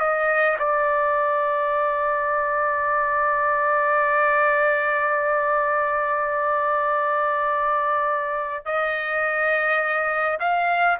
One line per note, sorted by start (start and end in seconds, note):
0.00 0.58 D#5
0.59 8.65 D5
8.65 10.38 D#5
10.40 10.98 F5